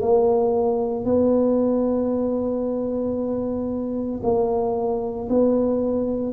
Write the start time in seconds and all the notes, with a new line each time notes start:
0.00 A#3
1.05 B3
4.23 A#3
5.29 B3